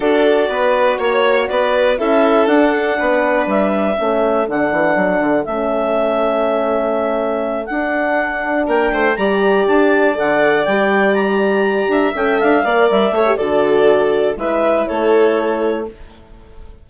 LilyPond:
<<
  \new Staff \with { instrumentName = "clarinet" } { \time 4/4 \tempo 4 = 121 d''2 cis''4 d''4 | e''4 fis''2 e''4~ | e''4 fis''2 e''4~ | e''2.~ e''8 fis''8~ |
fis''4. g''4 ais''4 a''8~ | a''8 fis''4 g''4 ais''4.~ | ais''8 g''8 f''4 e''4 d''4~ | d''4 e''4 cis''2 | }
  \new Staff \with { instrumentName = "violin" } { \time 4/4 a'4 b'4 cis''4 b'4 | a'2 b'2 | a'1~ | a'1~ |
a'4. ais'8 c''8 d''4.~ | d''1 | e''4. d''4 cis''8 a'4~ | a'4 b'4 a'2 | }
  \new Staff \with { instrumentName = "horn" } { \time 4/4 fis'1 | e'4 d'2. | cis'4 d'2 cis'4~ | cis'2.~ cis'8 d'8~ |
d'2~ d'8 g'4.~ | g'8 a'4 g'2~ g'8~ | g'8 a'4 ais'4 a'16 g'16 fis'4~ | fis'4 e'2. | }
  \new Staff \with { instrumentName = "bassoon" } { \time 4/4 d'4 b4 ais4 b4 | cis'4 d'4 b4 g4 | a4 d8 e8 fis8 d8 a4~ | a2.~ a8 d'8~ |
d'4. ais8 a8 g4 d'8~ | d'8 d4 g2~ g8 | d'8 cis'8 d'8 ais8 g8 a8 d4~ | d4 gis4 a2 | }
>>